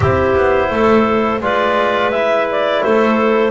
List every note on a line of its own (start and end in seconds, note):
0.00 0.35 C4
0.00 1.41 E4
0.00 0.68 G4
0.00 1.42 C5
0.35 0.70 B3
0.70 1.40 A3
0.70 1.40 A4
1.40 2.81 G#3
1.40 2.12 F4
1.40 2.82 B4
1.40 2.10 D5
2.10 3.51 E4
2.10 2.46 E5
2.51 2.83 D5
2.83 3.51 A3
2.83 3.51 A4
2.83 3.51 C5